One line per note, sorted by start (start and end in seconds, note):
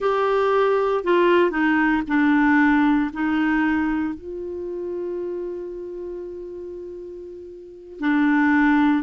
0.00 1.03 G4
1.03 1.50 F4
1.50 2.02 D#4
2.07 3.10 D4
3.13 4.14 D#4
4.14 7.99 F4
7.99 9.03 D4